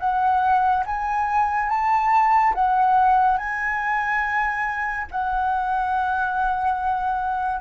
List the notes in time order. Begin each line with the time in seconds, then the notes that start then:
0.00 F#5
0.86 G#5
1.69 A5
2.55 F#5
3.38 G#5
5.12 F#5